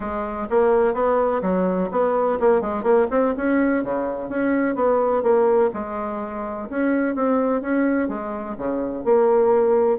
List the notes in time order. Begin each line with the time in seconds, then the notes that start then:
0.00 G#3
0.50 A#3
0.94 B3
1.42 F#3
1.91 B3
2.39 A#3
2.61 G#3
2.83 A#3
3.10 C4
3.37 C#4
3.83 C#3
4.29 C#4
4.75 B3
5.23 A#3
5.73 G#3
6.69 C#4
7.15 C4
7.61 C#4
8.08 G#3
8.57 C#3
9.04 A#3